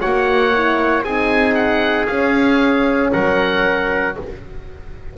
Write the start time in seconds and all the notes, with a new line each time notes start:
0.00 A#3 F#4 C#5 F#5
0.54 E4
1.04 C4 D#4 G#4 G#5
1.55 F#5
2.07 C#4 F5
3.13 F#3 A#4 F#5